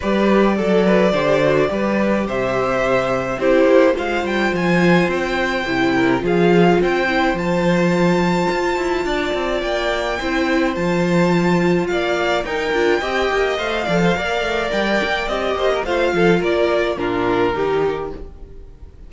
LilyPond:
<<
  \new Staff \with { instrumentName = "violin" } { \time 4/4 \tempo 4 = 106 d''1 | e''2 c''4 f''8 g''8 | gis''4 g''2 f''4 | g''4 a''2.~ |
a''4 g''2 a''4~ | a''4 f''4 g''2 | f''2 g''4 dis''4 | f''4 d''4 ais'2 | }
  \new Staff \with { instrumentName = "violin" } { \time 4/4 b'4 a'8 b'8 c''4 b'4 | c''2 g'4 c''4~ | c''2~ c''8 ais'8 gis'4 | c''1 |
d''2 c''2~ | c''4 d''4 ais'4 dis''4~ | dis''8 d''16 c''16 d''2~ d''8 c''16 ais'16 | c''8 a'8 ais'4 f'4 g'4 | }
  \new Staff \with { instrumentName = "viola" } { \time 4/4 g'4 a'4 g'8 fis'8 g'4~ | g'2 e'4 f'4~ | f'2 e'4 f'4~ | f'8 e'8 f'2.~ |
f'2 e'4 f'4~ | f'2 dis'8 f'8 g'4 | c''8 a'8 ais'2 g'4 | f'2 d'4 dis'4 | }
  \new Staff \with { instrumentName = "cello" } { \time 4/4 g4 fis4 d4 g4 | c2 c'8 ais8 gis8 g8 | f4 c'4 c4 f4 | c'4 f2 f'8 e'8 |
d'8 c'8 ais4 c'4 f4~ | f4 ais4 dis'8 d'8 c'8 ais8 | a8 f8 ais8 a8 g8 ais8 c'8 ais8 | a8 f8 ais4 ais,4 dis4 | }
>>